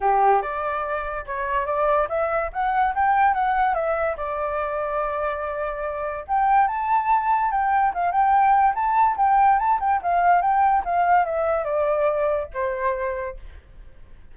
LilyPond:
\new Staff \with { instrumentName = "flute" } { \time 4/4 \tempo 4 = 144 g'4 d''2 cis''4 | d''4 e''4 fis''4 g''4 | fis''4 e''4 d''2~ | d''2. g''4 |
a''2 g''4 f''8 g''8~ | g''4 a''4 g''4 a''8 g''8 | f''4 g''4 f''4 e''4 | d''2 c''2 | }